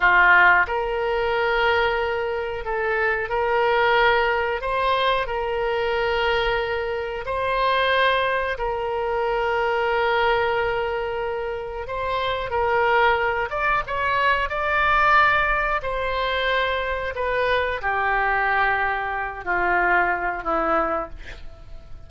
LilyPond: \new Staff \with { instrumentName = "oboe" } { \time 4/4 \tempo 4 = 91 f'4 ais'2. | a'4 ais'2 c''4 | ais'2. c''4~ | c''4 ais'2.~ |
ais'2 c''4 ais'4~ | ais'8 d''8 cis''4 d''2 | c''2 b'4 g'4~ | g'4. f'4. e'4 | }